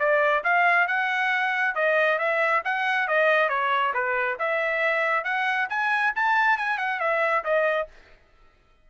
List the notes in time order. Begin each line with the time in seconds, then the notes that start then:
0.00 D5
0.44 F5
0.88 F#5
1.76 D#5
2.19 E5
2.65 F#5
3.08 D#5
3.50 C#5
3.94 B4
4.40 E5
5.25 F#5
5.70 G#5
6.16 A5
6.58 G#5
6.78 F#5
7.01 E5
7.45 D#5